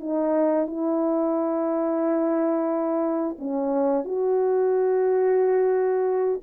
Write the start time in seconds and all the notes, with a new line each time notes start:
0.00 D#4
0.66 E4
3.38 C#4
4.04 F#4